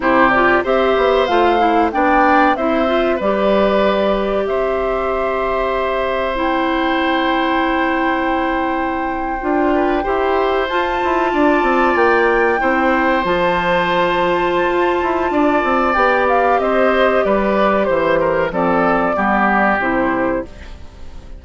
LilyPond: <<
  \new Staff \with { instrumentName = "flute" } { \time 4/4 \tempo 4 = 94 c''8 d''8 e''4 f''4 g''4 | e''4 d''2 e''4~ | e''2 g''2~ | g''1~ |
g''8. a''2 g''4~ g''16~ | g''8. a''2.~ a''16~ | a''4 g''8 f''8 dis''4 d''4 | c''4 d''2 c''4 | }
  \new Staff \with { instrumentName = "oboe" } { \time 4/4 g'4 c''2 d''4 | c''4 b'2 c''4~ | c''1~ | c''2.~ c''16 b'8 c''16~ |
c''4.~ c''16 d''2 c''16~ | c''1 | d''2 c''4 b'4 | c''8 ais'8 a'4 g'2 | }
  \new Staff \with { instrumentName = "clarinet" } { \time 4/4 e'8 f'8 g'4 f'8 e'8 d'4 | e'8 f'8 g'2.~ | g'2 e'2~ | e'2~ e'8. f'4 g'16~ |
g'8. f'2. e'16~ | e'8. f'2.~ f'16~ | f'4 g'2.~ | g'4 c'4 b4 e'4 | }
  \new Staff \with { instrumentName = "bassoon" } { \time 4/4 c4 c'8 b8 a4 b4 | c'4 g2 c'4~ | c'1~ | c'2~ c'8. d'4 e'16~ |
e'8. f'8 e'8 d'8 c'8 ais4 c'16~ | c'8. f2~ f16 f'8 e'8 | d'8 c'8 b4 c'4 g4 | e4 f4 g4 c4 | }
>>